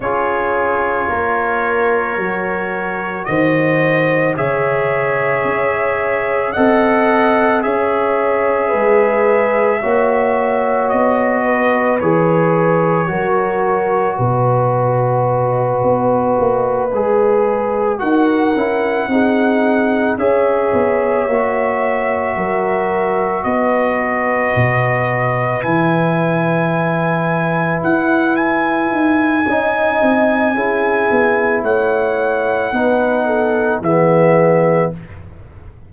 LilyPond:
<<
  \new Staff \with { instrumentName = "trumpet" } { \time 4/4 \tempo 4 = 55 cis''2. dis''4 | e''2 fis''4 e''4~ | e''2 dis''4 cis''4~ | cis''4 dis''2.~ |
dis''8 fis''2 e''4.~ | e''4. dis''2 gis''8~ | gis''4. fis''8 gis''2~ | gis''4 fis''2 e''4 | }
  \new Staff \with { instrumentName = "horn" } { \time 4/4 gis'4 ais'2 c''4 | cis''2 dis''4 cis''4 | b'4 cis''4. b'4. | ais'4 b'2.~ |
b'8 ais'4 gis'4 cis''4.~ | cis''8 ais'4 b'2~ b'8~ | b'2. dis''4 | gis'4 cis''4 b'8 a'8 gis'4 | }
  \new Staff \with { instrumentName = "trombone" } { \time 4/4 f'2 fis'2 | gis'2 a'4 gis'4~ | gis'4 fis'2 gis'4 | fis'2.~ fis'8 gis'8~ |
gis'8 fis'8 e'8 dis'4 gis'4 fis'8~ | fis'2.~ fis'8 e'8~ | e'2. dis'4 | e'2 dis'4 b4 | }
  \new Staff \with { instrumentName = "tuba" } { \time 4/4 cis'4 ais4 fis4 dis4 | cis4 cis'4 c'4 cis'4 | gis4 ais4 b4 e4 | fis4 b,4. b8 ais8 gis8~ |
gis8 dis'8 cis'8 c'4 cis'8 b8 ais8~ | ais8 fis4 b4 b,4 e8~ | e4. e'4 dis'8 cis'8 c'8 | cis'8 b8 a4 b4 e4 | }
>>